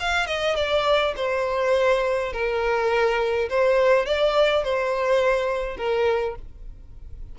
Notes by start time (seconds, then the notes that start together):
0.00 F5
0.27 D#5
0.56 D5
1.17 C5
2.33 A#4
3.50 C5
4.06 D5
4.64 C5
5.77 A#4